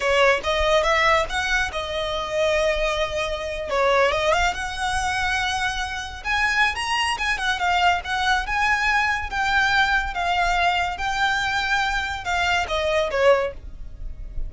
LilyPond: \new Staff \with { instrumentName = "violin" } { \time 4/4 \tempo 4 = 142 cis''4 dis''4 e''4 fis''4 | dis''1~ | dis''8. cis''4 dis''8 f''8 fis''4~ fis''16~ | fis''2~ fis''8. gis''4~ gis''16 |
ais''4 gis''8 fis''8 f''4 fis''4 | gis''2 g''2 | f''2 g''2~ | g''4 f''4 dis''4 cis''4 | }